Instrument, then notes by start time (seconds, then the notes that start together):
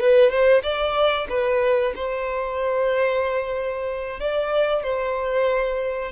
violin
0.00 B4
0.30 C5
0.63 D5
1.29 B4
1.95 C5
4.20 D5
4.83 C5